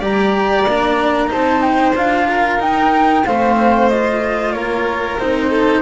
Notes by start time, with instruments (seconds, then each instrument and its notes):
0.00 double bass G3, cello G4, violin D5, flute A#5
0.67 double bass A#3, cello D4
1.28 double bass C4, cello D#4, violin C5, flute A5
1.62 flute G5
1.96 double bass D4, cello F4, flute F5
2.29 violin A#4
2.60 cello D#4, double bass D#4, flute G5
3.26 double bass A3, cello C4, violin C5, flute F5
3.90 cello F4, flute D#5
4.53 double bass A#3, violin A#4, flute C#5
5.19 double bass C4, cello D#4, flute C5
5.50 violin A4